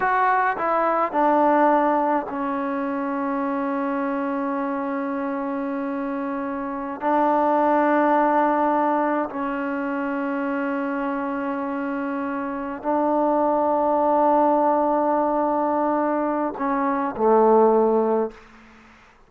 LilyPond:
\new Staff \with { instrumentName = "trombone" } { \time 4/4 \tempo 4 = 105 fis'4 e'4 d'2 | cis'1~ | cis'1~ | cis'16 d'2.~ d'8.~ |
d'16 cis'2.~ cis'8.~ | cis'2~ cis'8 d'4.~ | d'1~ | d'4 cis'4 a2 | }